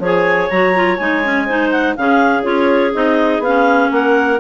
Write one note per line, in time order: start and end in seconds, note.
0.00 0.49 F3
0.00 0.52 G#4
0.00 1.46 C#5
0.06 0.50 G#5
0.50 1.00 F#3
0.50 0.75 F#4
0.50 0.97 A#5
0.75 0.99 F4
0.97 1.98 G#3
0.97 1.24 D#4
0.97 1.70 G#5
1.24 1.48 C#4
1.46 1.98 D#4
1.46 1.95 C5
1.72 1.96 F#5
1.96 2.46 C#3
1.96 2.43 C#4
1.96 3.92 G#4
1.96 2.44 F5
2.43 2.95 C#4
2.43 2.92 F4
2.43 2.93 C#5
2.94 3.40 C4
2.94 3.43 D#4
2.94 3.43 D#5
3.40 3.89 B3
3.40 3.92 F5
3.47 4.40 C#4
3.92 4.40 A#3
3.92 4.40 A#4
3.92 4.40 F#5